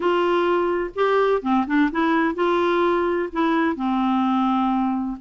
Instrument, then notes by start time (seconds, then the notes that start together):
clarinet
0.00 F4
0.95 G4
1.42 C4
1.66 D4
1.91 E4
2.34 F4
3.32 E4
3.76 C4